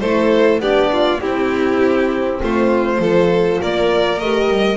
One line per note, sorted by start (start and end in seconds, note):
0.00 0.60 A3
0.00 0.61 E4
0.00 0.61 A4
0.00 0.60 C5
0.60 1.20 B3
0.60 1.18 D4
0.60 0.91 G4
0.60 1.21 D5
0.93 1.22 F4
1.18 2.98 C4
1.18 2.41 C4
1.18 2.42 E4
1.18 2.41 G4
2.42 2.99 A3
2.42 3.01 F4
2.42 3.62 C5
2.99 3.59 F3
2.99 4.20 F4
2.99 3.61 A4
3.61 4.21 A#3
3.61 4.77 A#4
3.61 4.19 D5
4.19 4.49 A3
4.19 4.77 G4
4.19 4.77 D#5
4.49 4.77 G3